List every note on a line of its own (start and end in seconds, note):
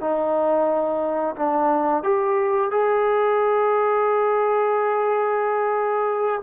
0.00 1.35 D#4
1.36 2.03 D4
2.03 2.70 G4
2.71 6.41 G#4